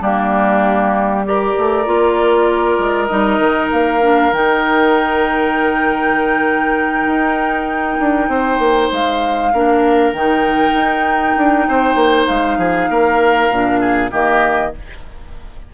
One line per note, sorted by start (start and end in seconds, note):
0.00 1.53 G3
0.00 1.24 A#3
0.00 1.23 D4
0.00 1.25 G4
1.24 1.85 G4
1.24 8.30 A#4
1.24 3.07 D5
1.58 1.86 A3
1.85 2.78 A#3
1.85 3.08 F4
2.78 3.09 G#3
3.07 3.39 G3
3.07 4.00 D#4
3.07 3.68 D#5
3.39 3.69 D#3
3.72 4.32 A#3
3.72 4.33 F5
4.01 4.32 D4
4.32 7.06 D#3
4.32 9.53 D#4
4.32 8.92 G5
7.06 7.98 D#4
7.99 8.28 D4
8.28 8.58 C4
8.28 9.52 C5
8.58 8.89 A#3
8.92 9.53 G#3
8.92 10.12 F5
9.53 10.13 A#3
9.53 10.14 D4
9.53 11.67 A#4
10.12 10.73 D#3
10.12 13.51 D#4
10.12 12.26 G5
10.73 11.35 D#4
11.37 11.67 D4
11.68 11.95 C4
11.68 12.58 C5
11.95 12.25 A#3
12.26 12.57 G#3
12.26 14.10 F5
12.57 12.88 F3
12.57 12.89 G#4
12.89 13.50 A#3
12.89 13.80 A#4
13.50 14.11 A#2
13.50 14.10 D4
13.80 14.10 G#4
14.10 14.73 D#3
14.10 14.71 A#3
14.10 14.72 G4
14.10 14.73 D#5